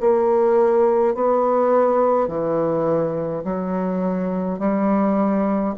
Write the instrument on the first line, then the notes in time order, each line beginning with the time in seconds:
bassoon
0.00 A#3
1.15 B3
2.28 E3
3.44 F#3
4.59 G3